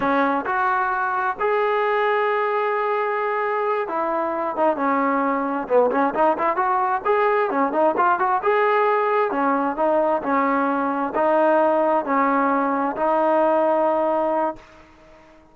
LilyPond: \new Staff \with { instrumentName = "trombone" } { \time 4/4 \tempo 4 = 132 cis'4 fis'2 gis'4~ | gis'1~ | gis'8 e'4. dis'8 cis'4.~ | cis'8 b8 cis'8 dis'8 e'8 fis'4 gis'8~ |
gis'8 cis'8 dis'8 f'8 fis'8 gis'4.~ | gis'8 cis'4 dis'4 cis'4.~ | cis'8 dis'2 cis'4.~ | cis'8 dis'2.~ dis'8 | }